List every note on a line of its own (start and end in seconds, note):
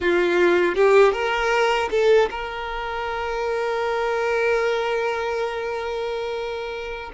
0.00 0.75 F4
0.75 1.12 G4
1.12 1.89 A#4
1.91 2.29 A4
2.30 7.10 A#4